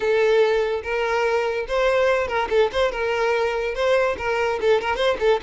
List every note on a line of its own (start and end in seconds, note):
0.00 0.82 A4
0.83 1.66 A#4
1.68 2.27 C5
2.27 2.48 A#4
2.49 2.70 A4
2.72 2.91 C5
2.91 3.74 A#4
3.74 4.16 C5
4.17 4.59 A#4
4.60 4.81 A4
4.81 4.95 A#4
4.95 5.16 C5
5.19 5.40 A4